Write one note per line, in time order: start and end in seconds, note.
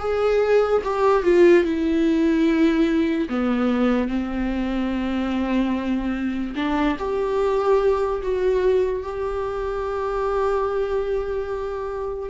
0.00 0.82 G#4
0.84 1.23 G4
1.23 1.64 F4
1.64 3.29 E4
3.29 4.08 B3
4.08 6.55 C4
6.56 6.97 D4
6.99 8.22 G4
8.23 9.03 F#4
9.03 12.30 G4